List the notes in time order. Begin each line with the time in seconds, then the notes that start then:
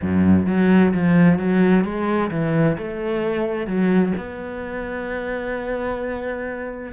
0.01 F#2
0.47 F#3
0.93 F3
1.38 F#3
1.84 G#3
2.31 E3
2.77 A3
3.67 F#3
4.17 B3